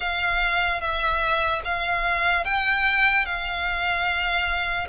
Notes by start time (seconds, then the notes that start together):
0.00 F5
0.80 E5
1.64 F5
2.44 G5
3.25 F5